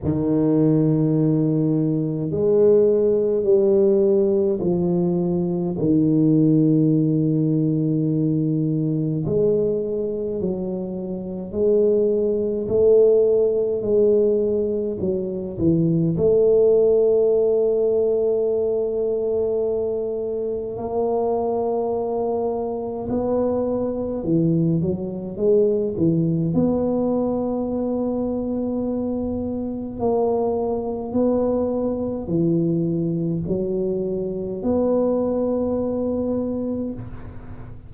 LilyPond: \new Staff \with { instrumentName = "tuba" } { \time 4/4 \tempo 4 = 52 dis2 gis4 g4 | f4 dis2. | gis4 fis4 gis4 a4 | gis4 fis8 e8 a2~ |
a2 ais2 | b4 e8 fis8 gis8 e8 b4~ | b2 ais4 b4 | e4 fis4 b2 | }